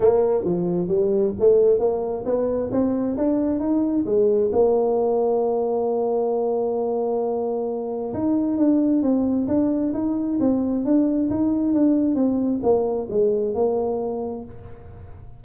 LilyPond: \new Staff \with { instrumentName = "tuba" } { \time 4/4 \tempo 4 = 133 ais4 f4 g4 a4 | ais4 b4 c'4 d'4 | dis'4 gis4 ais2~ | ais1~ |
ais2 dis'4 d'4 | c'4 d'4 dis'4 c'4 | d'4 dis'4 d'4 c'4 | ais4 gis4 ais2 | }